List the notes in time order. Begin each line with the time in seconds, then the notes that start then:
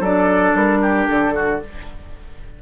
0.00 F#3 D4 A4 D5
0.55 G3 A#4
0.81 G4
1.07 D3 A4
1.35 F#4